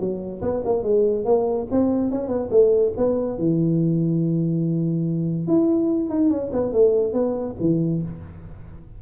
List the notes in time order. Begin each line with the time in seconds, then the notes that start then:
0.00 F#3
0.42 B3
0.65 A#3
0.83 G#3
1.25 A#3
1.71 C4
2.11 C#4
2.28 B3
2.51 A3
2.97 B3
3.39 E3
5.48 E4
6.10 D#4
6.30 C#4
6.53 B3
6.73 A3
7.13 B3
7.61 E3